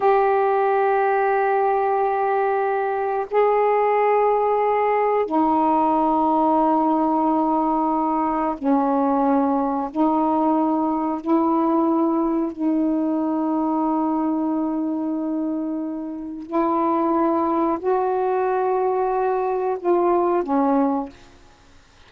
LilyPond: \new Staff \with { instrumentName = "saxophone" } { \time 4/4 \tempo 4 = 91 g'1~ | g'4 gis'2. | dis'1~ | dis'4 cis'2 dis'4~ |
dis'4 e'2 dis'4~ | dis'1~ | dis'4 e'2 fis'4~ | fis'2 f'4 cis'4 | }